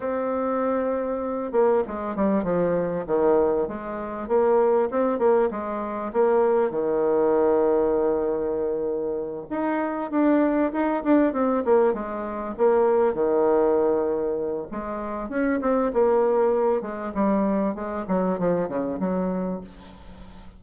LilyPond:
\new Staff \with { instrumentName = "bassoon" } { \time 4/4 \tempo 4 = 98 c'2~ c'8 ais8 gis8 g8 | f4 dis4 gis4 ais4 | c'8 ais8 gis4 ais4 dis4~ | dis2.~ dis8 dis'8~ |
dis'8 d'4 dis'8 d'8 c'8 ais8 gis8~ | gis8 ais4 dis2~ dis8 | gis4 cis'8 c'8 ais4. gis8 | g4 gis8 fis8 f8 cis8 fis4 | }